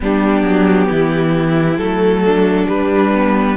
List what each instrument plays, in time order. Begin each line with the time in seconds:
0.00 cello G3, viola B3, violin D4 G4
0.42 cello F#3
0.88 cello E3, violin E4
1.78 cello F#3, viola A3, violin A4
2.24 violin D4
2.68 viola G3, cello G3, violin B4
3.15 viola B3